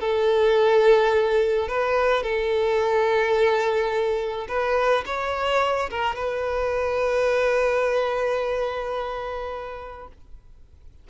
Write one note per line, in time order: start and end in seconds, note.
0.00 1.68 A4
1.68 2.23 B4
2.23 4.47 A4
4.48 5.04 B4
5.05 5.90 C#5
5.90 6.15 A#4
6.15 10.08 B4